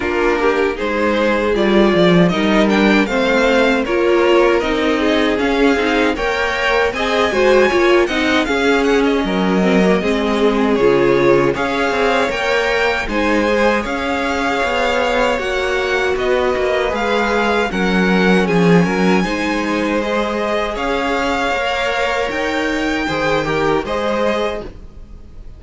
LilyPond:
<<
  \new Staff \with { instrumentName = "violin" } { \time 4/4 \tempo 4 = 78 ais'4 c''4 d''4 dis''8 g''8 | f''4 cis''4 dis''4 f''4 | g''4 gis''4. fis''8 f''8 fis''16 dis''16~ | dis''2 cis''4 f''4 |
g''4 gis''4 f''2 | fis''4 dis''4 f''4 fis''4 | gis''2 dis''4 f''4~ | f''4 g''2 dis''4 | }
  \new Staff \with { instrumentName = "violin" } { \time 4/4 f'8 g'8 gis'2 ais'4 | c''4 ais'4. gis'4. | cis''4 dis''8 c''8 cis''8 dis''8 gis'4 | ais'4 gis'2 cis''4~ |
cis''4 c''4 cis''2~ | cis''4 b'2 ais'4 | gis'8 ais'8 c''2 cis''4~ | cis''2 c''8 ais'8 c''4 | }
  \new Staff \with { instrumentName = "viola" } { \time 4/4 d'4 dis'4 f'4 dis'8 d'8 | c'4 f'4 dis'4 cis'8 dis'8 | ais'4 gis'8 fis'8 f'8 dis'8 cis'4~ | cis'8 c'16 ais16 c'4 f'4 gis'4 |
ais'4 dis'8 gis'2~ gis'8 | fis'2 gis'4 cis'4~ | cis'4 dis'4 gis'2 | ais'2 gis'8 g'8 gis'4 | }
  \new Staff \with { instrumentName = "cello" } { \time 4/4 ais4 gis4 g8 f8 g4 | a4 ais4 c'4 cis'8 c'8 | ais4 c'8 gis8 ais8 c'8 cis'4 | fis4 gis4 cis4 cis'8 c'8 |
ais4 gis4 cis'4 b4 | ais4 b8 ais8 gis4 fis4 | f8 fis8 gis2 cis'4 | ais4 dis'4 dis4 gis4 | }
>>